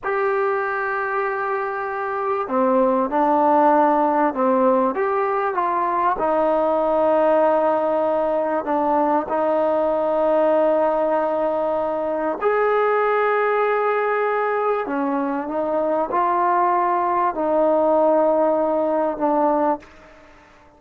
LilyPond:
\new Staff \with { instrumentName = "trombone" } { \time 4/4 \tempo 4 = 97 g'1 | c'4 d'2 c'4 | g'4 f'4 dis'2~ | dis'2 d'4 dis'4~ |
dis'1 | gis'1 | cis'4 dis'4 f'2 | dis'2. d'4 | }